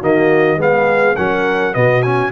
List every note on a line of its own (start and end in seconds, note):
0.00 0.57 D#3
0.00 0.58 A#3
0.00 0.58 F#4
0.00 0.60 D#5
0.57 1.15 G#3
0.57 1.16 B3
0.57 1.17 G#4
0.57 1.16 F5
1.16 1.75 F#3
1.16 1.73 C#4
1.16 1.76 A#4
1.16 1.74 F#5
1.73 2.32 B2
1.73 2.02 B3
1.73 2.32 F#4
1.73 2.02 D#5
2.02 2.32 C#4
2.02 2.31 G#5